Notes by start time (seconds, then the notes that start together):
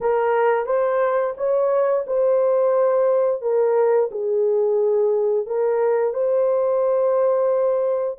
0.00 A#4
0.66 C5
1.37 C#5
2.06 C5
3.41 A#4
4.11 G#4
5.46 A#4
6.13 C5